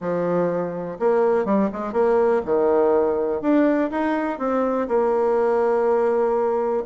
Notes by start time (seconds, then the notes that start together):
0.00 F3
0.99 A#3
1.45 G3
1.72 G#3
1.92 A#3
2.45 D#3
3.41 D4
3.90 D#4
4.39 C4
4.88 A#3